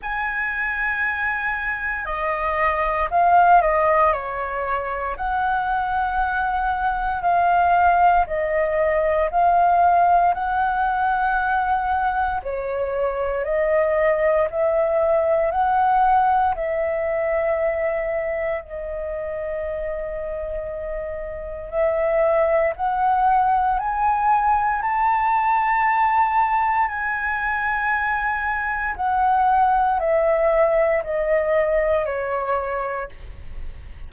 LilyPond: \new Staff \with { instrumentName = "flute" } { \time 4/4 \tempo 4 = 58 gis''2 dis''4 f''8 dis''8 | cis''4 fis''2 f''4 | dis''4 f''4 fis''2 | cis''4 dis''4 e''4 fis''4 |
e''2 dis''2~ | dis''4 e''4 fis''4 gis''4 | a''2 gis''2 | fis''4 e''4 dis''4 cis''4 | }